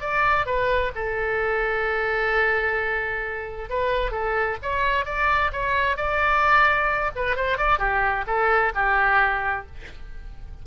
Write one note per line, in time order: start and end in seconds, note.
0.00 0.46 D5
0.46 0.91 B4
0.95 3.70 A4
3.70 4.11 B4
4.11 4.57 A4
4.62 5.05 C#5
5.05 5.51 D5
5.52 5.96 C#5
5.96 7.11 D5
7.15 7.36 B4
7.36 7.57 C5
7.57 7.78 D5
7.78 8.24 G4
8.26 8.72 A4
8.75 9.66 G4